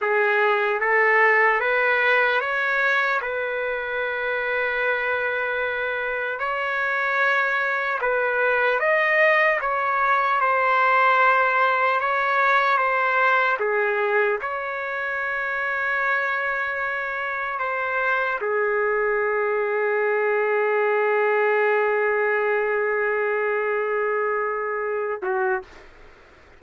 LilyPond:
\new Staff \with { instrumentName = "trumpet" } { \time 4/4 \tempo 4 = 75 gis'4 a'4 b'4 cis''4 | b'1 | cis''2 b'4 dis''4 | cis''4 c''2 cis''4 |
c''4 gis'4 cis''2~ | cis''2 c''4 gis'4~ | gis'1~ | gis'2.~ gis'8 fis'8 | }